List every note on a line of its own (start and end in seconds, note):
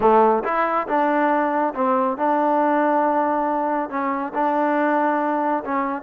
0.00 0.43 A3
0.44 0.87 E4
0.87 1.73 D4
1.74 2.17 C4
2.17 3.89 D4
3.89 4.32 C#4
4.34 5.63 D4
5.64 6.02 C#4